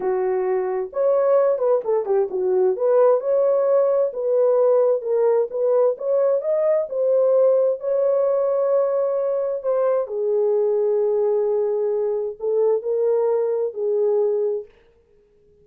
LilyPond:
\new Staff \with { instrumentName = "horn" } { \time 4/4 \tempo 4 = 131 fis'2 cis''4. b'8 | a'8 g'8 fis'4 b'4 cis''4~ | cis''4 b'2 ais'4 | b'4 cis''4 dis''4 c''4~ |
c''4 cis''2.~ | cis''4 c''4 gis'2~ | gis'2. a'4 | ais'2 gis'2 | }